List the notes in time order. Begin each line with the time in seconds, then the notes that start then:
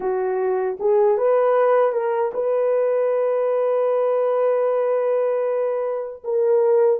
0.00 F#4
0.79 G#4
1.17 B4
1.92 A#4
2.33 B4
6.24 A#4